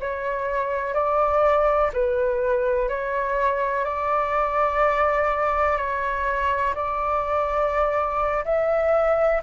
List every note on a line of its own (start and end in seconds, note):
0.00 0.94 C#5
0.94 1.90 D5
1.93 2.89 B4
2.89 3.85 C#5
3.85 5.77 D5
5.77 6.74 C#5
6.75 8.44 D5
8.45 9.42 E5